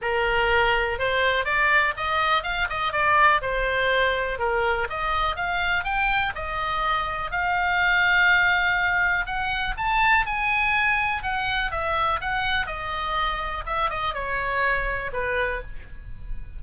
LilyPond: \new Staff \with { instrumentName = "oboe" } { \time 4/4 \tempo 4 = 123 ais'2 c''4 d''4 | dis''4 f''8 dis''8 d''4 c''4~ | c''4 ais'4 dis''4 f''4 | g''4 dis''2 f''4~ |
f''2. fis''4 | a''4 gis''2 fis''4 | e''4 fis''4 dis''2 | e''8 dis''8 cis''2 b'4 | }